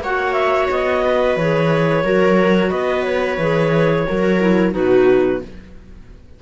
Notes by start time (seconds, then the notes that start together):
0.00 A#3 F#4 C#5 F#5
0.33 E5
0.71 B3 D#5
1.05 B4
1.36 E3 G#4 C#5
2.04 F#3 F#4 A#4
2.70 B3 B4 D#5
3.04 C#5
3.38 E3 G#4
4.07 F#3 F#4 A#4
4.41 E4
4.72 B2 D#4 F#4 B4